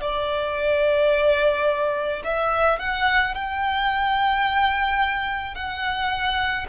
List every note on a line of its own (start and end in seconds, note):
0.00 2.22 D5
2.24 2.79 E5
2.79 3.34 F#5
3.34 5.55 G5
5.55 6.66 F#5